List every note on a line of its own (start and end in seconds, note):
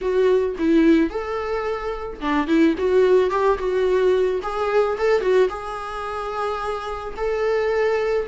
0.01 0.56 F#4
0.58 1.10 E4
1.10 2.20 A4
2.20 2.47 D4
2.47 2.74 E4
2.78 3.30 F#4
3.30 3.58 G4
3.58 4.41 F#4
4.42 4.97 G#4
4.98 5.21 A4
5.21 5.48 F#4
5.49 7.14 G#4
7.16 8.26 A4